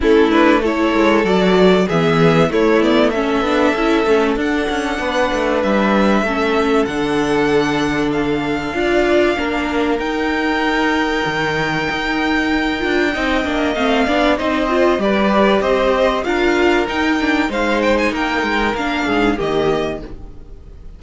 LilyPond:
<<
  \new Staff \with { instrumentName = "violin" } { \time 4/4 \tempo 4 = 96 a'8 b'8 cis''4 d''4 e''4 | cis''8 d''8 e''2 fis''4~ | fis''4 e''2 fis''4~ | fis''4 f''2. |
g''1~ | g''2 f''4 dis''4 | d''4 dis''4 f''4 g''4 | f''8 g''16 gis''16 g''4 f''4 dis''4 | }
  \new Staff \with { instrumentName = "violin" } { \time 4/4 e'4 a'2 gis'4 | e'4 a'2. | b'2 a'2~ | a'2 d''4 ais'4~ |
ais'1~ | ais'4 dis''4. d''8 c''4 | b'4 c''4 ais'2 | c''4 ais'4. gis'8 g'4 | }
  \new Staff \with { instrumentName = "viola" } { \time 4/4 cis'8 d'8 e'4 fis'4 b4 | a8 b8 cis'8 d'8 e'8 cis'8 d'4~ | d'2 cis'4 d'4~ | d'2 f'4 d'4 |
dis'1~ | dis'8 f'8 dis'8 d'8 c'8 d'8 dis'8 f'8 | g'2 f'4 dis'8 d'8 | dis'2 d'4 ais4 | }
  \new Staff \with { instrumentName = "cello" } { \time 4/4 a4. gis8 fis4 e4 | a4. b8 cis'8 a8 d'8 cis'8 | b8 a8 g4 a4 d4~ | d2 d'4 ais4 |
dis'2 dis4 dis'4~ | dis'8 d'8 c'8 ais8 a8 b8 c'4 | g4 c'4 d'4 dis'4 | gis4 ais8 gis8 ais8 gis,8 dis4 | }
>>